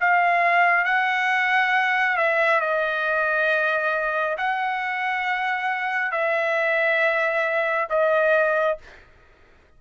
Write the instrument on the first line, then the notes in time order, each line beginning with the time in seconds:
trumpet
0.00 F5
0.85 F#5
2.17 E5
2.60 D#5
4.37 F#5
6.11 E5
7.89 D#5